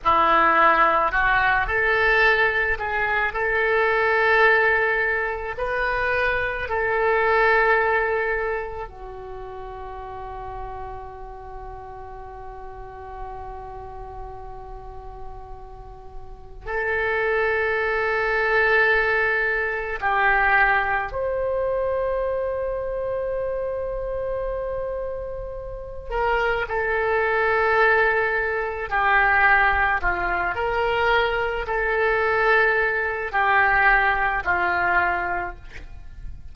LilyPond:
\new Staff \with { instrumentName = "oboe" } { \time 4/4 \tempo 4 = 54 e'4 fis'8 a'4 gis'8 a'4~ | a'4 b'4 a'2 | fis'1~ | fis'2. a'4~ |
a'2 g'4 c''4~ | c''2.~ c''8 ais'8 | a'2 g'4 f'8 ais'8~ | ais'8 a'4. g'4 f'4 | }